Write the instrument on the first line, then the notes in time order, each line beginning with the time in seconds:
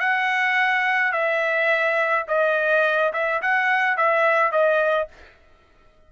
trumpet
0.00 F#5
1.12 E5
2.28 D#5
3.13 E5
3.42 F#5
3.98 E5
4.52 D#5